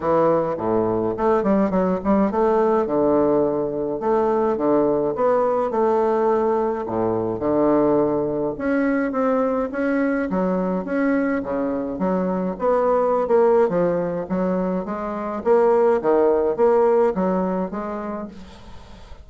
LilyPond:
\new Staff \with { instrumentName = "bassoon" } { \time 4/4 \tempo 4 = 105 e4 a,4 a8 g8 fis8 g8 | a4 d2 a4 | d4 b4 a2 | a,4 d2 cis'4 |
c'4 cis'4 fis4 cis'4 | cis4 fis4 b4~ b16 ais8. | f4 fis4 gis4 ais4 | dis4 ais4 fis4 gis4 | }